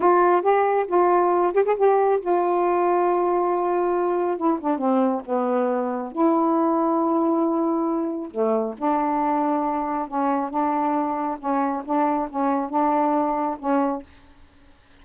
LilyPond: \new Staff \with { instrumentName = "saxophone" } { \time 4/4 \tempo 4 = 137 f'4 g'4 f'4. g'16 gis'16 | g'4 f'2.~ | f'2 e'8 d'8 c'4 | b2 e'2~ |
e'2. a4 | d'2. cis'4 | d'2 cis'4 d'4 | cis'4 d'2 cis'4 | }